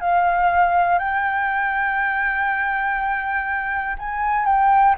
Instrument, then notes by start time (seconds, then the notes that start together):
flute
0.00 F5
0.98 G5
3.98 G#5
4.45 G5